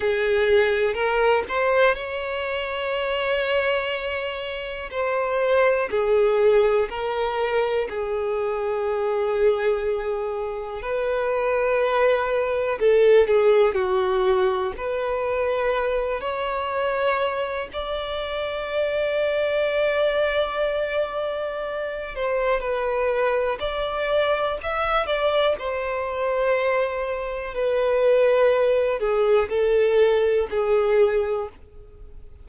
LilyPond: \new Staff \with { instrumentName = "violin" } { \time 4/4 \tempo 4 = 61 gis'4 ais'8 c''8 cis''2~ | cis''4 c''4 gis'4 ais'4 | gis'2. b'4~ | b'4 a'8 gis'8 fis'4 b'4~ |
b'8 cis''4. d''2~ | d''2~ d''8 c''8 b'4 | d''4 e''8 d''8 c''2 | b'4. gis'8 a'4 gis'4 | }